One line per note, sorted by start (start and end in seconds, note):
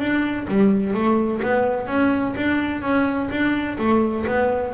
0.00 0.47 D4
0.48 0.94 G3
0.94 1.42 A3
1.43 1.88 B3
1.88 2.35 C#4
2.37 2.82 D4
2.82 3.30 C#4
3.31 3.78 D4
3.79 4.26 A3
4.27 4.75 B3